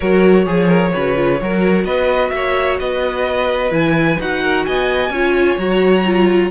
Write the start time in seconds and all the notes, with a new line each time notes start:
0.00 F#3 F#4 A#4 C#5
0.45 F3 G#4
0.67 A#4
0.93 C#3 F#4 B4
1.15 F4
1.40 F#3 F#4 A#4
1.84 B3 B4 D#5
2.29 A#3 C#5 E5
2.79 B3 B4 D#5
3.70 E3 E4 G#5
4.19 D#4 F#4 F#5
4.42 A#4
4.65 B3 D#5 G#5
5.09 C#4 F4 C#5
5.57 F#3 F#4 A#5
6.05 F4